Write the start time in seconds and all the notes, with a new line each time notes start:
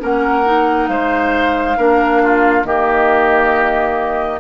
0.00 A#3 C#4 A#4 F#5
0.45 D#4
0.88 G#3 C5 F5
1.77 A#3 D4 A#4
2.23 F4
2.64 D#3 A#3 G4 D#5